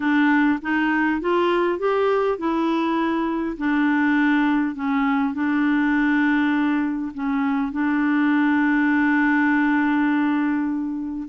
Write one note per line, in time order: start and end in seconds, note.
0.00 0.59 D4
0.62 1.20 D#4
1.20 1.78 F4
1.78 2.38 G4
2.38 3.56 E4
3.57 4.75 D4
4.75 5.33 C#4
5.33 7.12 D4
7.14 7.71 C#4
7.71 11.28 D4